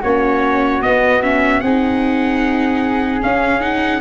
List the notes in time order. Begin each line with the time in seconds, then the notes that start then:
0.00 A#3 C#4 F#4 C#5
0.82 B3 D#5
1.23 C#4 E5
1.60 C4 D#4 G#4 F#5
3.21 C#4 F5
3.61 D#4 F#5